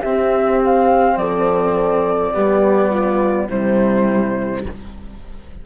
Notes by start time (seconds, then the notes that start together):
0.00 C4 G4 E5
0.64 F5
1.17 F3 A4 D5
2.33 G3 B3 G4
2.89 F4
3.49 C3 G3 E4 C5